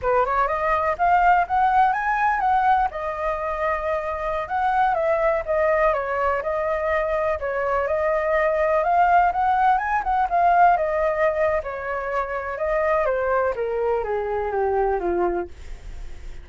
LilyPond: \new Staff \with { instrumentName = "flute" } { \time 4/4 \tempo 4 = 124 b'8 cis''8 dis''4 f''4 fis''4 | gis''4 fis''4 dis''2~ | dis''4~ dis''16 fis''4 e''4 dis''8.~ | dis''16 cis''4 dis''2 cis''8.~ |
cis''16 dis''2 f''4 fis''8.~ | fis''16 gis''8 fis''8 f''4 dis''4.~ dis''16 | cis''2 dis''4 c''4 | ais'4 gis'4 g'4 f'4 | }